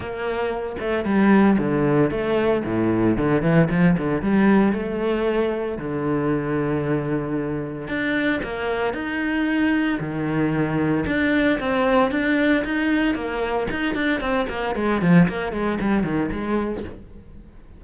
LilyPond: \new Staff \with { instrumentName = "cello" } { \time 4/4 \tempo 4 = 114 ais4. a8 g4 d4 | a4 a,4 d8 e8 f8 d8 | g4 a2 d4~ | d2. d'4 |
ais4 dis'2 dis4~ | dis4 d'4 c'4 d'4 | dis'4 ais4 dis'8 d'8 c'8 ais8 | gis8 f8 ais8 gis8 g8 dis8 gis4 | }